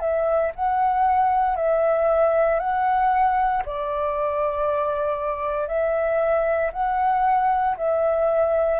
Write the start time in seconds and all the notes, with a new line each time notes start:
0.00 E5
0.55 F#5
1.56 E5
2.60 F#5
3.65 D5
5.68 E5
6.73 F#5
7.77 E5